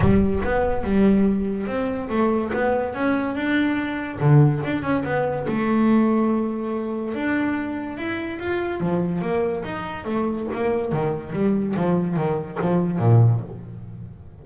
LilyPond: \new Staff \with { instrumentName = "double bass" } { \time 4/4 \tempo 4 = 143 g4 b4 g2 | c'4 a4 b4 cis'4 | d'2 d4 d'8 cis'8 | b4 a2.~ |
a4 d'2 e'4 | f'4 f4 ais4 dis'4 | a4 ais4 dis4 g4 | f4 dis4 f4 ais,4 | }